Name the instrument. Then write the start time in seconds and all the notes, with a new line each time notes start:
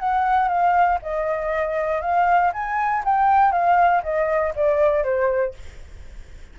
flute
0.00 F#5
0.49 F5
1.03 D#5
2.02 F5
2.54 G#5
3.05 G5
3.52 F5
4.04 D#5
4.56 D5
5.04 C5